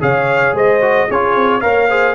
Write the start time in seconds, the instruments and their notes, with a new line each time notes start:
0.00 tuba C#3, trombone G#4, horn C#5, trumpet F5
0.53 tuba G#3, horn C5, trumpet D#5
0.81 trombone F#4
1.08 tuba C#4, trombone F4, horn G#4, trumpet C#5
1.35 tuba C4
1.60 tuba A#3, trombone A#4, horn C#5, trumpet F5
1.89 trombone G#4, horn C5